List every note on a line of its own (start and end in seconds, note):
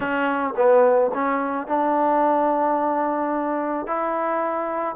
0.00 0.54 C#4
0.56 1.11 B3
1.13 1.67 C#4
1.67 3.86 D4
3.86 4.95 E4